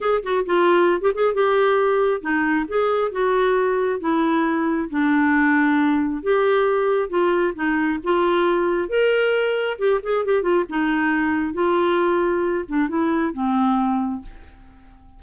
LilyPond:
\new Staff \with { instrumentName = "clarinet" } { \time 4/4 \tempo 4 = 135 gis'8 fis'8 f'4~ f'16 g'16 gis'8 g'4~ | g'4 dis'4 gis'4 fis'4~ | fis'4 e'2 d'4~ | d'2 g'2 |
f'4 dis'4 f'2 | ais'2 g'8 gis'8 g'8 f'8 | dis'2 f'2~ | f'8 d'8 e'4 c'2 | }